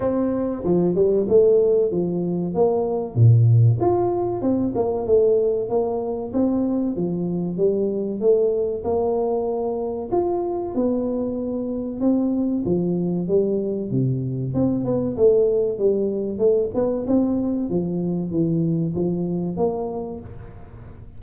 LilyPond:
\new Staff \with { instrumentName = "tuba" } { \time 4/4 \tempo 4 = 95 c'4 f8 g8 a4 f4 | ais4 ais,4 f'4 c'8 ais8 | a4 ais4 c'4 f4 | g4 a4 ais2 |
f'4 b2 c'4 | f4 g4 c4 c'8 b8 | a4 g4 a8 b8 c'4 | f4 e4 f4 ais4 | }